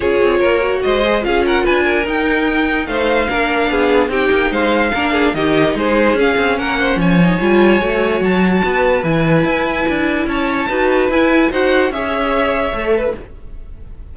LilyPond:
<<
  \new Staff \with { instrumentName = "violin" } { \time 4/4 \tempo 4 = 146 cis''2 dis''4 f''8 fis''8 | gis''4 g''2 f''4~ | f''2 g''4 f''4~ | f''4 dis''4 c''4 f''4 |
fis''4 gis''2. | a''2 gis''2~ | gis''4 a''2 gis''4 | fis''4 e''2. | }
  \new Staff \with { instrumentName = "violin" } { \time 4/4 gis'4 ais'4 c''4 gis'8 ais'8 | b'8 ais'2~ ais'8 c''4 | ais'4 gis'4 g'4 c''4 | ais'8 gis'8 g'4 gis'2 |
ais'8 c''8 cis''2.~ | cis''4 b'2.~ | b'4 cis''4 b'2 | c''4 cis''2~ cis''8 b'8 | }
  \new Staff \with { instrumentName = "viola" } { \time 4/4 f'4. fis'4 gis'8 f'4~ | f'4 dis'2. | d'2 dis'2 | d'4 dis'2 cis'4~ |
cis'4. dis'8 f'4 fis'4~ | fis'2 e'2~ | e'2 fis'4 e'4 | fis'4 gis'2 a'4 | }
  \new Staff \with { instrumentName = "cello" } { \time 4/4 cis'8 c'8 ais4 gis4 cis'4 | d'4 dis'2 a4 | ais4 b4 c'8 ais8 gis4 | ais4 dis4 gis4 cis'8 c'8 |
ais4 f4 g4 a4 | fis4 b4 e4 e'4 | d'4 cis'4 dis'4 e'4 | dis'4 cis'2 a4 | }
>>